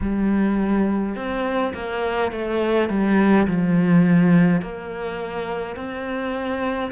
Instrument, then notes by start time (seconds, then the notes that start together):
cello
0.01 G3
1.15 C4
1.74 A#3
2.31 A3
2.88 G3
3.47 F3
4.61 A#3
5.75 C4